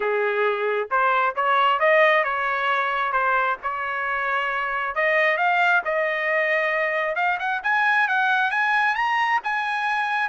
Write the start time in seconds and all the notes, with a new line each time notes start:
0.00 G#4
0.90 C5
1.35 C#5
1.79 D#5
2.24 C#5
3.12 C5
3.63 C#5
4.95 D#5
5.37 F5
5.85 D#5
7.15 F5
7.39 F#5
7.63 G#5
8.07 F#5
8.50 G#5
8.95 A#5
9.43 G#5